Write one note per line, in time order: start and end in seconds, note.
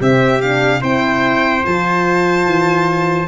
0.00 0.82 C3
0.00 0.41 C4
0.00 0.81 G4
0.00 0.41 E5
0.41 0.80 D4
0.41 0.82 F5
0.80 1.64 C4
0.80 1.62 E4
0.80 3.27 C5
0.80 1.65 G5
1.64 2.46 F3
1.64 3.27 F4
1.64 3.27 A5
2.46 3.27 E3